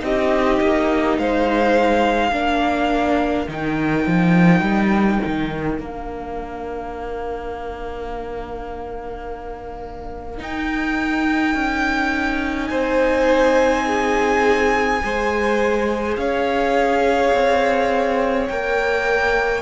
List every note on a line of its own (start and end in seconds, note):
0.00 0.60 C4
0.00 2.31 D#4
0.00 1.19 G4
0.00 1.17 D#5
0.60 1.17 A#3
1.17 2.31 G#3
1.17 2.31 C5
1.17 3.48 F5
2.31 3.47 A#3
2.31 3.47 D4
2.31 12.69 A#4
3.47 4.05 D#3
3.47 5.79 D#4
3.47 5.81 G5
4.06 4.61 F3
4.61 5.19 G3
5.26 5.79 D#3
5.79 10.39 A#3
5.79 10.37 D4
5.79 10.42 F5
10.37 14.99 D#4
10.37 11.55 D#4
10.37 12.67 G5
11.55 12.70 C#4
12.67 15.01 C4
12.67 13.86 C5
12.67 16.13 G#5
13.86 15.02 G#4
15.03 16.17 G#3
15.03 18.49 G#4
15.03 16.19 C5
16.17 17.32 C#4
16.17 19.62 C#5
16.17 18.47 F5
17.33 18.49 C4
18.47 19.62 A#3
18.47 19.62 A#4
18.47 19.62 G5